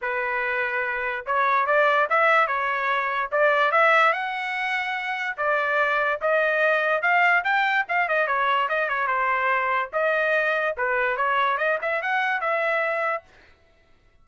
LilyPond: \new Staff \with { instrumentName = "trumpet" } { \time 4/4 \tempo 4 = 145 b'2. cis''4 | d''4 e''4 cis''2 | d''4 e''4 fis''2~ | fis''4 d''2 dis''4~ |
dis''4 f''4 g''4 f''8 dis''8 | cis''4 dis''8 cis''8 c''2 | dis''2 b'4 cis''4 | dis''8 e''8 fis''4 e''2 | }